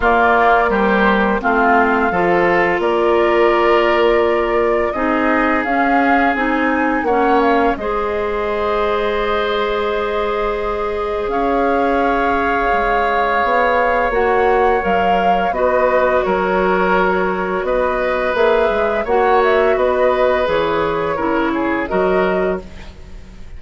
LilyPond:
<<
  \new Staff \with { instrumentName = "flute" } { \time 4/4 \tempo 4 = 85 d''4 c''4 f''2 | d''2. dis''4 | f''4 gis''4 fis''8 f''8 dis''4~ | dis''1 |
f''1 | fis''4 f''4 dis''4 cis''4~ | cis''4 dis''4 e''4 fis''8 e''8 | dis''4 cis''2 dis''4 | }
  \new Staff \with { instrumentName = "oboe" } { \time 4/4 f'4 g'4 f'4 a'4 | ais'2. gis'4~ | gis'2 cis''4 c''4~ | c''1 |
cis''1~ | cis''2 b'4 ais'4~ | ais'4 b'2 cis''4 | b'2 ais'8 gis'8 ais'4 | }
  \new Staff \with { instrumentName = "clarinet" } { \time 4/4 ais4 g4 c'4 f'4~ | f'2. dis'4 | cis'4 dis'4 cis'4 gis'4~ | gis'1~ |
gis'1 | fis'4 ais'4 fis'2~ | fis'2 gis'4 fis'4~ | fis'4 gis'4 e'4 fis'4 | }
  \new Staff \with { instrumentName = "bassoon" } { \time 4/4 ais2 a4 f4 | ais2. c'4 | cis'4 c'4 ais4 gis4~ | gis1 |
cis'2 gis4 b4 | ais4 fis4 b4 fis4~ | fis4 b4 ais8 gis8 ais4 | b4 e4 cis4 fis4 | }
>>